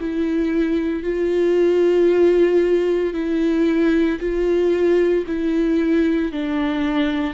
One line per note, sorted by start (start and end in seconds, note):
0.00 1.03 E4
1.03 3.14 F4
3.14 4.19 E4
4.20 5.25 F4
5.27 6.32 E4
6.32 7.34 D4